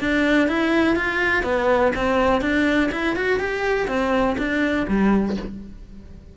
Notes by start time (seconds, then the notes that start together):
0.00 D4
0.48 E4
0.96 F4
1.43 B3
1.96 C4
2.41 D4
2.92 E4
3.16 F#4
3.40 G4
3.88 C4
4.38 D4
4.88 G3